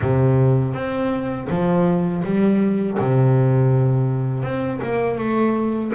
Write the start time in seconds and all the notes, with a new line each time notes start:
0.01 C3
0.74 C4
1.49 F3
2.24 G3
2.98 C3
4.43 C4
4.82 A#3
5.18 A3